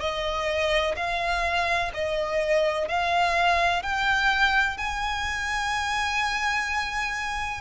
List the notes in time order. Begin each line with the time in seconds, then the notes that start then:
0.00 D#5
0.96 F5
1.94 D#5
2.88 F5
3.82 G5
4.77 G#5